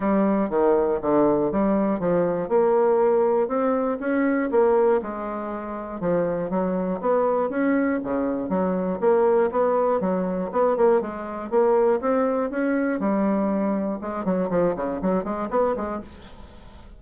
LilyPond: \new Staff \with { instrumentName = "bassoon" } { \time 4/4 \tempo 4 = 120 g4 dis4 d4 g4 | f4 ais2 c'4 | cis'4 ais4 gis2 | f4 fis4 b4 cis'4 |
cis4 fis4 ais4 b4 | fis4 b8 ais8 gis4 ais4 | c'4 cis'4 g2 | gis8 fis8 f8 cis8 fis8 gis8 b8 gis8 | }